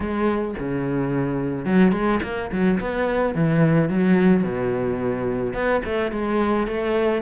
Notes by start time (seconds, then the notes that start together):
0.00 G#3
0.58 C#3
1.65 F#3
1.92 G#3
2.22 A#3
2.51 F#3
2.80 B3
3.34 E3
3.89 F#3
4.43 B2
5.53 B3
5.84 A3
6.11 G#3
6.67 A3